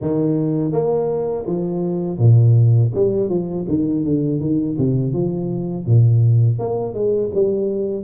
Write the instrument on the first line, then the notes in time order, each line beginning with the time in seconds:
tuba
0.01 D#3
0.72 A#3
1.46 F3
2.18 A#2
2.94 G3
3.29 F3
3.68 D#3
4.04 D3
4.40 D#3
4.78 C3
5.13 F3
5.85 A#2
6.59 A#3
6.93 G#3
7.34 G3